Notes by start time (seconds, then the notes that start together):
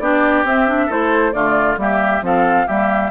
0.00 B3 D4 G4 D5
0.45 C4 E5
0.68 D4
0.87 A3 E4 A4 C5
1.33 D3 A3 F4 D5
1.77 G3 A#3 G4 E5
2.22 F3 C4 A4 F5
2.67 G3 A#3 G4 E5